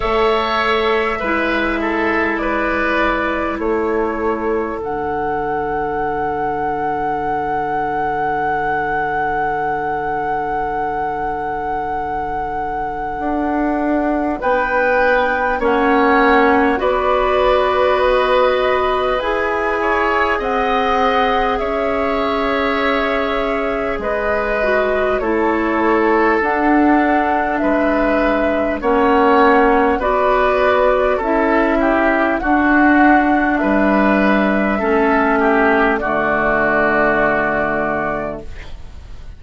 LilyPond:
<<
  \new Staff \with { instrumentName = "flute" } { \time 4/4 \tempo 4 = 50 e''2 d''4 cis''4 | fis''1~ | fis''1 | g''4 fis''4 d''4 dis''4 |
gis''4 fis''4 e''2 | dis''4 cis''4 fis''4 e''4 | fis''4 d''4 e''4 fis''4 | e''2 d''2 | }
  \new Staff \with { instrumentName = "oboe" } { \time 4/4 cis''4 b'8 a'8 b'4 a'4~ | a'1~ | a'1 | b'4 cis''4 b'2~ |
b'8 cis''8 dis''4 cis''2 | b'4 a'2 b'4 | cis''4 b'4 a'8 g'8 fis'4 | b'4 a'8 g'8 fis'2 | }
  \new Staff \with { instrumentName = "clarinet" } { \time 4/4 a'4 e'2. | d'1~ | d'1~ | d'4 cis'4 fis'2 |
gis'1~ | gis'8 fis'8 e'4 d'2 | cis'4 fis'4 e'4 d'4~ | d'4 cis'4 a2 | }
  \new Staff \with { instrumentName = "bassoon" } { \time 4/4 a4 gis2 a4 | d1~ | d2. d'4 | b4 ais4 b2 |
e'4 c'4 cis'2 | gis4 a4 d'4 gis4 | ais4 b4 cis'4 d'4 | g4 a4 d2 | }
>>